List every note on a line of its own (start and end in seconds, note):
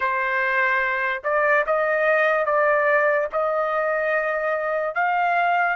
0.00 1.22 C5
1.23 1.64 D5
1.66 2.45 D#5
2.45 3.27 D5
3.32 4.94 D#5
4.94 5.76 F5